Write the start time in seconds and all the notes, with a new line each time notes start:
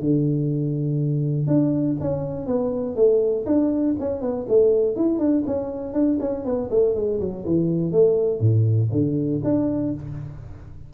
0.00 D3
1.47 D4
2.00 C#4
2.46 B3
2.96 A3
3.46 D4
4.00 C#4
4.21 B3
4.49 A3
4.96 E4
5.19 D4
5.46 C#4
5.93 D4
6.20 C#4
6.45 B3
6.71 A3
6.95 G#3
7.20 F#3
7.45 E3
7.92 A3
8.40 A2
8.92 D3
9.44 D4